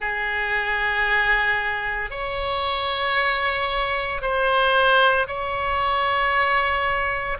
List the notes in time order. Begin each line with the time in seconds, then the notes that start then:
0.00 G#4
2.10 C#5
4.21 C5
5.27 C#5